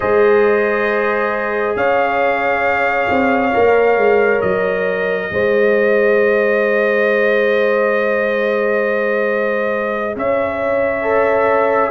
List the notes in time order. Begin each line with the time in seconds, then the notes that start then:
0.00 G#3 G#4 C5 D#5
1.75 C#4 C#5 F5
3.09 C4
3.53 A#3 A#4
3.96 G#3
4.41 F#3 D#5
5.30 G#3 G#4 C5
10.15 C#4 C#5 E5
11.02 A4